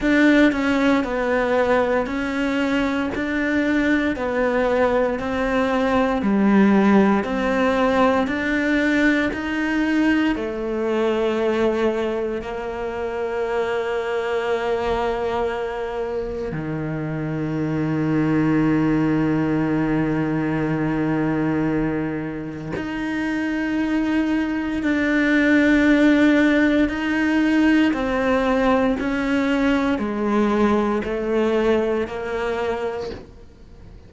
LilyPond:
\new Staff \with { instrumentName = "cello" } { \time 4/4 \tempo 4 = 58 d'8 cis'8 b4 cis'4 d'4 | b4 c'4 g4 c'4 | d'4 dis'4 a2 | ais1 |
dis1~ | dis2 dis'2 | d'2 dis'4 c'4 | cis'4 gis4 a4 ais4 | }